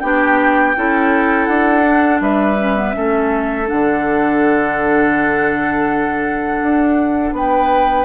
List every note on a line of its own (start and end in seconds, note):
0.00 0.75 B3
0.00 0.75 D4
0.00 0.75 G4
0.00 1.45 G5
0.75 1.48 C#4
0.75 1.84 E4
0.75 2.22 A4
1.45 2.20 D4
1.45 2.18 F#5
1.84 2.57 D4
2.20 2.93 G3
2.20 2.95 B4
2.20 3.68 E5
2.57 2.75 C#4
2.75 2.92 B3
2.92 3.70 A3
2.92 3.66 C#4
2.92 7.35 A4
3.66 6.62 D3
3.66 8.05 D4
3.66 7.34 F#5
6.62 7.32 D4
7.32 8.05 B3
7.32 8.05 B4
7.32 8.05 G5